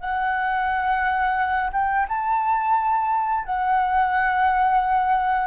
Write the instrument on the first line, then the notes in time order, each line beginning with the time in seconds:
flute
0.00 F#5
1.72 G5
2.08 A5
3.45 F#5